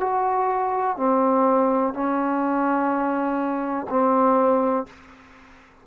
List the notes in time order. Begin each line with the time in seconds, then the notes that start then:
0.00 F#4
0.97 C4
1.94 C#4
3.90 C4